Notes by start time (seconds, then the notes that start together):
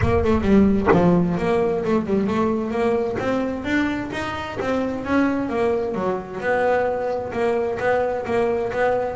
0.01 A#3
0.24 A3
0.41 G3
0.92 F3
1.37 A#3
1.84 A3
2.05 G3
2.27 A3
2.70 A#3
3.19 C4
3.64 D4
4.12 D#4
4.60 C4
5.05 C#4
5.49 A#3
5.94 F#3
6.40 B3
7.32 A#3
7.79 B3
8.25 A#3
8.72 B3